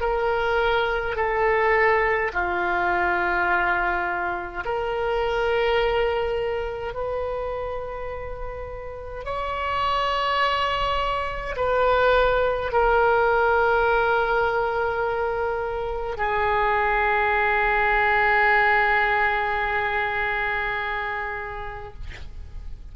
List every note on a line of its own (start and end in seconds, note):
0.00 1.15 A#4
1.15 2.31 A4
2.33 4.64 F4
4.65 6.94 A#4
6.94 9.25 B4
9.25 11.55 C#5
11.56 12.71 B4
12.72 16.17 A#4
16.17 21.94 G#4